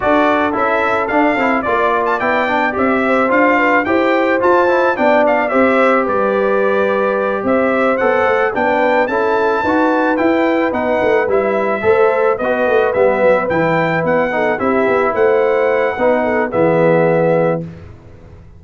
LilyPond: <<
  \new Staff \with { instrumentName = "trumpet" } { \time 4/4 \tempo 4 = 109 d''4 e''4 f''4 d''8. a''16 | g''4 e''4 f''4 g''4 | a''4 g''8 f''8 e''4 d''4~ | d''4. e''4 fis''4 g''8~ |
g''8 a''2 g''4 fis''8~ | fis''8 e''2 dis''4 e''8~ | e''8 g''4 fis''4 e''4 fis''8~ | fis''2 e''2 | }
  \new Staff \with { instrumentName = "horn" } { \time 4/4 a'2. d''4~ | d''4. c''4 b'8 c''4~ | c''4 d''4 c''4 b'4~ | b'4. c''2 b'8~ |
b'8 a'4 b'2~ b'8~ | b'4. c''4 b'4.~ | b'2 a'8 g'4 c''8~ | c''4 b'8 a'8 gis'2 | }
  \new Staff \with { instrumentName = "trombone" } { \time 4/4 fis'4 e'4 d'8 e'8 f'4 | e'8 d'8 g'4 f'4 g'4 | f'8 e'8 d'4 g'2~ | g'2~ g'8 a'4 d'8~ |
d'8 e'4 fis'4 e'4 dis'8~ | dis'8 e'4 a'4 fis'4 b8~ | b8 e'4. dis'8 e'4.~ | e'4 dis'4 b2 | }
  \new Staff \with { instrumentName = "tuba" } { \time 4/4 d'4 cis'4 d'8 c'8 ais4 | b4 c'4 d'4 e'4 | f'4 b4 c'4 g4~ | g4. c'4 b8 a8 b8~ |
b8 cis'4 dis'4 e'4 b8 | a8 g4 a4 b8 a8 g8 | fis8 e4 b4 c'8 b8 a8~ | a4 b4 e2 | }
>>